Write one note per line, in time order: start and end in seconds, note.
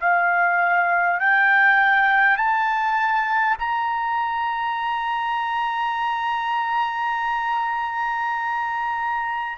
0.00 1.19 F5
1.19 2.37 G5
2.37 3.57 A5
3.59 9.58 A#5